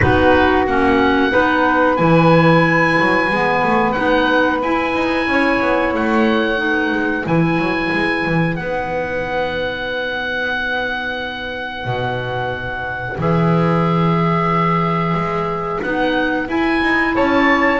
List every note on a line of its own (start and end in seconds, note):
0.00 0.67 B3
0.00 0.66 D#4
0.00 1.31 F#4
0.00 0.65 B4
0.67 1.33 A#3
0.67 1.30 C#4
0.67 1.96 F#5
1.30 1.99 B3
1.30 1.96 D#4
1.30 5.27 B4
1.96 2.98 E3
1.96 3.29 E4
1.96 3.91 G#5
2.99 3.30 F#3
3.30 3.62 G#3
3.30 3.95 B3
3.63 3.96 A3
3.91 4.62 B3
3.91 4.61 D#4
3.91 4.57 F#5
4.62 4.94 E4
4.62 6.56 E4
4.62 5.94 G#5
4.94 5.27 D#4
5.27 5.60 C#4
5.27 6.61 C#5
5.60 5.93 B3
5.93 6.92 A3
5.93 7.26 F#5
6.56 7.22 D#4
6.56 17.14 B4
6.92 7.25 G#3
7.25 7.57 E3
7.25 8.57 E4
7.25 8.55 G#5
7.57 7.90 F#3
7.92 8.25 G#3
8.25 8.58 E3
8.55 11.85 B3
8.55 13.19 D#4
8.55 13.17 F#5
11.85 13.17 B2
13.18 15.14 E3
13.18 15.83 G#4
13.18 15.81 E5
15.14 15.80 G#3
15.81 16.48 B3
15.81 16.48 D#4
15.81 16.47 F#5
16.48 17.80 E4
16.48 16.81 E4
16.48 17.16 G#5
16.82 17.15 D#4
17.14 17.80 C#4
17.14 17.80 C#5
17.14 17.80 A5